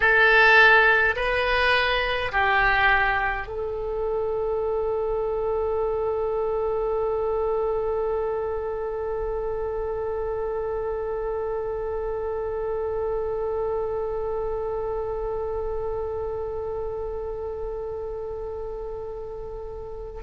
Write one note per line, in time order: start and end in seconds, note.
0.00 1.15 A4
1.15 2.31 B4
2.32 3.47 G4
3.47 20.20 A4